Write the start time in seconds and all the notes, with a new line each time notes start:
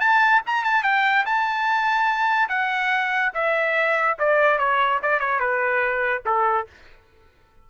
0.00 A5
0.46 A#5
0.64 A5
0.84 G5
1.26 A5
2.49 F#5
3.34 E5
4.19 D5
4.58 C#5
5.02 D5
5.20 C#5
5.40 B4
6.26 A4